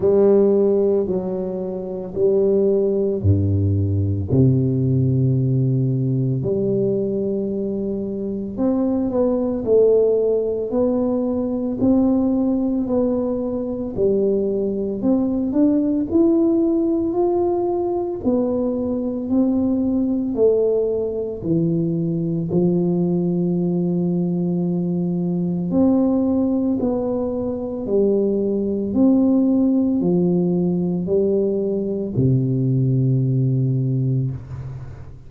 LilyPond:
\new Staff \with { instrumentName = "tuba" } { \time 4/4 \tempo 4 = 56 g4 fis4 g4 g,4 | c2 g2 | c'8 b8 a4 b4 c'4 | b4 g4 c'8 d'8 e'4 |
f'4 b4 c'4 a4 | e4 f2. | c'4 b4 g4 c'4 | f4 g4 c2 | }